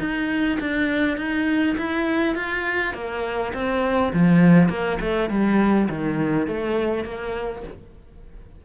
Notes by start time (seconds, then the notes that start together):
0.00 D#4
0.60 D4
1.18 D#4
1.78 E4
2.36 F4
2.94 A#3
3.54 C4
4.14 F3
4.70 A#3
5.01 A3
5.30 G3
5.90 D#3
6.48 A3
7.05 A#3